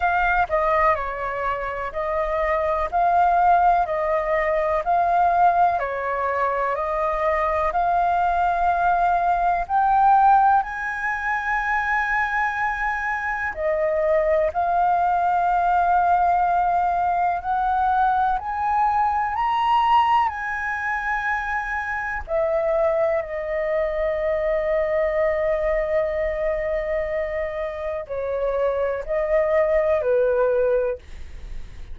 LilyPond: \new Staff \with { instrumentName = "flute" } { \time 4/4 \tempo 4 = 62 f''8 dis''8 cis''4 dis''4 f''4 | dis''4 f''4 cis''4 dis''4 | f''2 g''4 gis''4~ | gis''2 dis''4 f''4~ |
f''2 fis''4 gis''4 | ais''4 gis''2 e''4 | dis''1~ | dis''4 cis''4 dis''4 b'4 | }